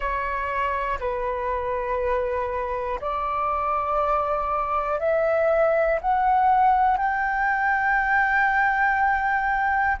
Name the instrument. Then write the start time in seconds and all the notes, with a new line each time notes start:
flute
0.00 C#5
1.00 B4
3.00 D5
4.99 E5
6.01 F#5
6.97 G5